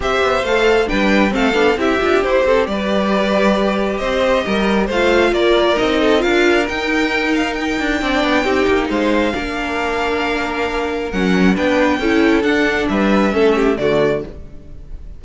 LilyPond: <<
  \new Staff \with { instrumentName = "violin" } { \time 4/4 \tempo 4 = 135 e''4 f''4 g''4 f''4 | e''4 c''4 d''2~ | d''4 dis''2 f''4 | d''4 dis''4 f''4 g''4~ |
g''8 f''8 g''2. | f''1~ | f''4 fis''4 g''2 | fis''4 e''2 d''4 | }
  \new Staff \with { instrumentName = "violin" } { \time 4/4 c''2 b'4 a'4 | g'4. a'8 b'2~ | b'4 c''4 ais'4 c''4 | ais'4. a'8 ais'2~ |
ais'2 d''4 g'4 | c''4 ais'2.~ | ais'2 b'4 a'4~ | a'4 b'4 a'8 g'8 fis'4 | }
  \new Staff \with { instrumentName = "viola" } { \time 4/4 g'4 a'4 d'4 c'8 d'8 | e'8 f'8 g'2.~ | g'2. f'4~ | f'4 dis'4 f'4 dis'4~ |
dis'2 d'4 dis'4~ | dis'4 d'2.~ | d'4 cis'4 d'4 e'4 | d'2 cis'4 a4 | }
  \new Staff \with { instrumentName = "cello" } { \time 4/4 c'8 b8 a4 g4 a8 b8 | c'8 d'8 e'8 c'8 g2~ | g4 c'4 g4 a4 | ais4 c'4 d'4 dis'4~ |
dis'4. d'8 c'8 b8 c'8 ais8 | gis4 ais2.~ | ais4 fis4 b4 cis'4 | d'4 g4 a4 d4 | }
>>